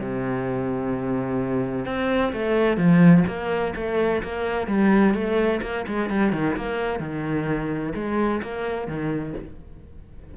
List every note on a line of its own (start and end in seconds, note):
0.00 1.86 C3
1.86 2.33 C4
2.33 2.77 A3
2.77 3.24 F3
3.27 3.74 A#3
3.76 4.23 A3
4.23 4.67 A#3
4.67 5.14 G3
5.14 5.61 A3
5.62 5.86 A#3
5.87 6.10 G#3
6.10 6.33 G3
6.33 6.56 D#3
6.57 7.00 A#3
7.00 7.93 D#3
7.95 8.42 G#3
8.43 8.88 A#3
8.88 9.35 D#3